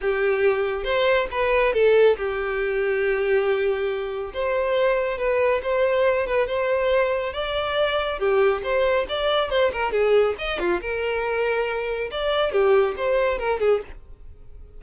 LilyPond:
\new Staff \with { instrumentName = "violin" } { \time 4/4 \tempo 4 = 139 g'2 c''4 b'4 | a'4 g'2.~ | g'2 c''2 | b'4 c''4. b'8 c''4~ |
c''4 d''2 g'4 | c''4 d''4 c''8 ais'8 gis'4 | dis''8 f'8 ais'2. | d''4 g'4 c''4 ais'8 gis'8 | }